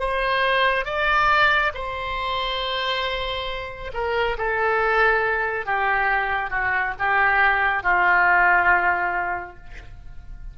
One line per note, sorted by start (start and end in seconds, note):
0.00 0.85 C5
0.85 1.72 D5
1.75 3.92 C5
3.94 4.38 A#4
4.38 5.66 A4
5.66 6.51 G4
6.51 6.94 F#4
7.00 7.83 G4
7.83 9.57 F4